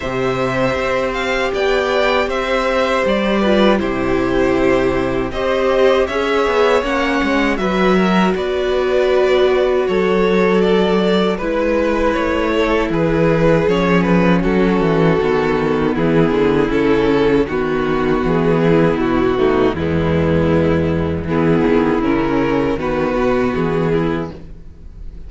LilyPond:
<<
  \new Staff \with { instrumentName = "violin" } { \time 4/4 \tempo 4 = 79 e''4. f''8 g''4 e''4 | d''4 c''2 dis''4 | e''4 fis''4 e''4 d''4~ | d''4 cis''4 d''4 b'4 |
cis''4 b'4 cis''8 b'8 a'4~ | a'4 gis'4 a'4 fis'4 | gis'4 fis'4 e'2 | gis'4 ais'4 b'4 gis'4 | }
  \new Staff \with { instrumentName = "violin" } { \time 4/4 c''2 d''4 c''4~ | c''8 b'8 g'2 c''4 | cis''2 b'8 ais'8 b'4~ | b'4 a'2 b'4~ |
b'8 a'8 gis'2 fis'4~ | fis'4 e'2 fis'4~ | fis'8 e'4 dis'8 b2 | e'2 fis'4. e'8 | }
  \new Staff \with { instrumentName = "viola" } { \time 4/4 g'1~ | g'8 f'8 e'2 g'4 | gis'4 cis'4 fis'2~ | fis'2. e'4~ |
e'2 cis'2 | b2 cis'4 b4~ | b4. a8 gis2 | b4 cis'4 b2 | }
  \new Staff \with { instrumentName = "cello" } { \time 4/4 c4 c'4 b4 c'4 | g4 c2 c'4 | cis'8 b8 ais8 gis8 fis4 b4~ | b4 fis2 gis4 |
a4 e4 f4 fis8 e8 | dis4 e8 d8 cis4 dis4 | e4 b,4 e,2 | e8 dis8 cis4 dis8 b,8 e4 | }
>>